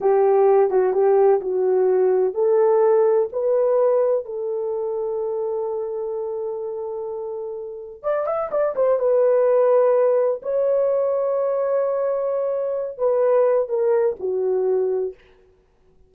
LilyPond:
\new Staff \with { instrumentName = "horn" } { \time 4/4 \tempo 4 = 127 g'4. fis'8 g'4 fis'4~ | fis'4 a'2 b'4~ | b'4 a'2.~ | a'1~ |
a'4 d''8 e''8 d''8 c''8 b'4~ | b'2 cis''2~ | cis''2.~ cis''8 b'8~ | b'4 ais'4 fis'2 | }